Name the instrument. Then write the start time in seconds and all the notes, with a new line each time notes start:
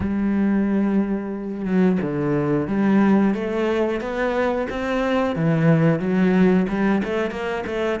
cello
0.00 G3
1.65 F#3
2.01 D3
2.67 G3
3.34 A3
4.01 B3
4.69 C4
5.35 E3
5.99 F#3
6.68 G3
7.03 A3
7.30 A#3
7.66 A3